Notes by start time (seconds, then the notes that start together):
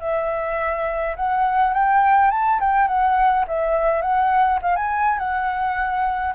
0.00 E5
1.16 F#5
1.73 G5
2.31 A5
2.60 G5
2.87 F#5
3.47 E5
4.01 F#5
4.62 F5
4.76 G#5
5.18 F#5